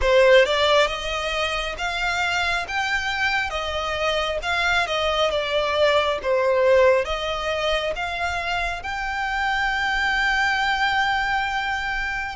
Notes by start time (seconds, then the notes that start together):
0.01 C5
0.45 D5
0.87 D#5
1.78 F5
2.68 G5
3.50 D#5
4.42 F5
4.86 D#5
5.30 D5
6.22 C5
7.05 D#5
7.95 F5
8.82 G5